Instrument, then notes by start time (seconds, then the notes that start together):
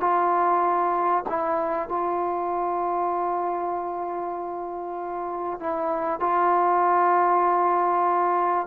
trombone
0.00 F4
1.29 E4
1.88 F4
5.60 E4
6.20 F4